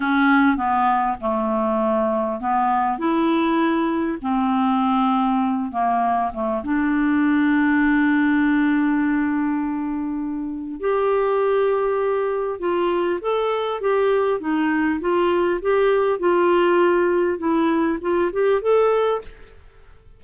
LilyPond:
\new Staff \with { instrumentName = "clarinet" } { \time 4/4 \tempo 4 = 100 cis'4 b4 a2 | b4 e'2 c'4~ | c'4. ais4 a8 d'4~ | d'1~ |
d'2 g'2~ | g'4 f'4 a'4 g'4 | dis'4 f'4 g'4 f'4~ | f'4 e'4 f'8 g'8 a'4 | }